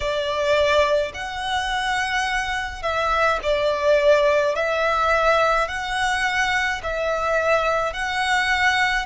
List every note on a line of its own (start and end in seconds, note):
0.00 1.12 D5
1.14 2.82 F#5
2.82 3.39 E5
3.42 4.55 D5
4.55 5.68 E5
5.68 6.81 F#5
6.83 7.93 E5
7.93 9.05 F#5